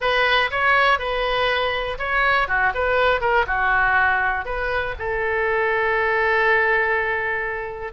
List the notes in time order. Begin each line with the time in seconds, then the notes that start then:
0.00 B4
0.50 C#5
0.98 B4
1.98 C#5
2.48 F#4
2.74 B4
3.21 A#4
3.46 F#4
4.45 B4
4.99 A4